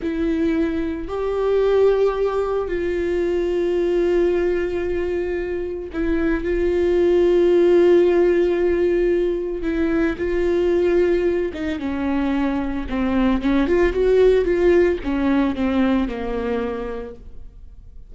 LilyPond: \new Staff \with { instrumentName = "viola" } { \time 4/4 \tempo 4 = 112 e'2 g'2~ | g'4 f'2.~ | f'2. e'4 | f'1~ |
f'2 e'4 f'4~ | f'4. dis'8 cis'2 | c'4 cis'8 f'8 fis'4 f'4 | cis'4 c'4 ais2 | }